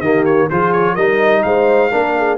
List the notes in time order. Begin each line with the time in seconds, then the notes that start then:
0.00 D#3 A#3 G4 D#5
0.25 C#5
0.50 F3 F4 G#4 C5
0.73 C#5
0.95 G3 D#4 A#4 D#5
1.43 G#3 C5 F5
1.91 A#3 D4 A#4
2.18 G#4